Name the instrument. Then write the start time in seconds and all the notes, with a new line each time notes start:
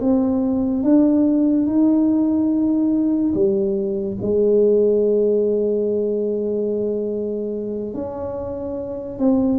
tuba
0.00 C4
0.83 D4
1.66 D#4
3.34 G3
4.21 G#3
7.94 C#4
9.19 C4